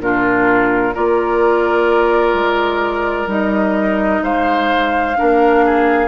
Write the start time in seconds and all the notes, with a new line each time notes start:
0.00 A#2 D4 F4 A#4
0.94 A#3 F4 A#4 D5
2.34 G#3
3.27 G3 D#4 D#5
4.22 G#3 C5 F5
5.16 A#3 D4 A#4
5.65 G#4